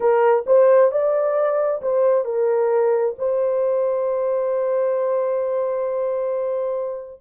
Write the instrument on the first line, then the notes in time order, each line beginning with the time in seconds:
horn
0.00 A#4
0.46 C5
0.91 D5
1.82 C5
2.24 A#4
3.18 C5